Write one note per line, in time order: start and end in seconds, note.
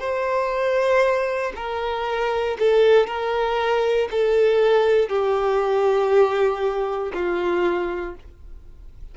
0.00 1.53 C5
1.56 2.57 A#4
2.59 3.07 A4
3.07 4.09 A#4
4.11 5.09 A4
5.09 7.12 G4
7.14 8.15 F4